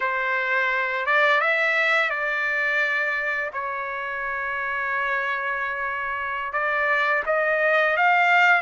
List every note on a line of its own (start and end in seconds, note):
0.00 1.06 C5
1.06 1.40 D5
1.40 2.10 E5
2.10 3.51 D5
3.53 6.52 C#5
6.52 7.23 D5
7.26 7.96 D#5
7.96 8.61 F5